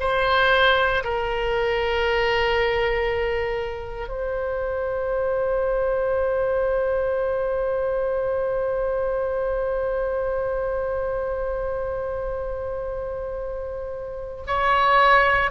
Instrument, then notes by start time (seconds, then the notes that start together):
oboe
0.00 C5
1.04 A#4
4.09 C5
14.47 C#5